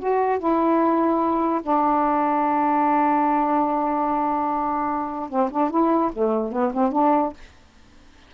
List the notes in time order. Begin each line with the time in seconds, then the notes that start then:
0.00 F#4
0.39 E4
1.63 D4
5.30 C4
5.51 D4
5.71 E4
6.13 A3
6.53 B3
6.74 C4
6.92 D4